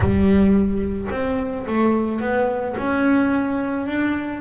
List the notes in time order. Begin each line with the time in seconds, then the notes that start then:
0.00 G3
1.10 C4
1.66 A3
2.20 B3
2.77 C#4
3.86 D4